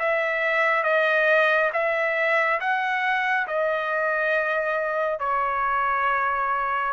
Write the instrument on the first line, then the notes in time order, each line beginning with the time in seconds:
trumpet
0.00 E5
0.84 D#5
1.74 E5
2.60 F#5
3.48 D#5
5.20 C#5